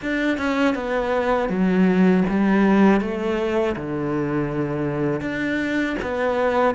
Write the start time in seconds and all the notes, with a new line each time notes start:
0.02 D4
0.38 C#4
0.74 B3
1.49 F#3
2.29 G3
3.00 A3
3.76 D3
5.21 D4
6.02 B3